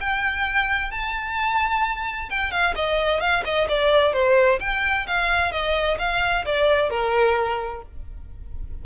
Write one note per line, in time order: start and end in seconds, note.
0.00 0.91 G5
0.91 2.29 A5
2.30 2.51 G5
2.51 2.74 F5
2.75 3.20 D#5
3.20 3.43 F5
3.44 3.68 D#5
3.68 4.13 D5
4.13 4.59 C5
4.60 5.06 G5
5.07 5.52 F5
5.52 5.98 D#5
5.99 6.45 F5
6.45 6.90 D5
6.90 7.82 A#4